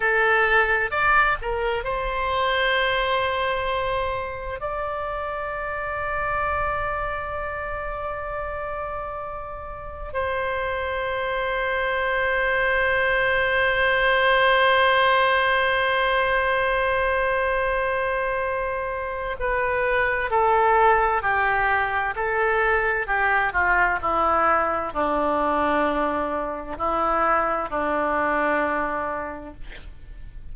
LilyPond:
\new Staff \with { instrumentName = "oboe" } { \time 4/4 \tempo 4 = 65 a'4 d''8 ais'8 c''2~ | c''4 d''2.~ | d''2. c''4~ | c''1~ |
c''1~ | c''4 b'4 a'4 g'4 | a'4 g'8 f'8 e'4 d'4~ | d'4 e'4 d'2 | }